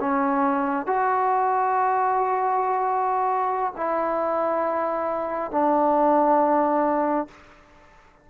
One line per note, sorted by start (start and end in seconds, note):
0.00 0.86 C#4
0.86 3.73 F#4
3.77 5.51 E4
5.51 7.28 D4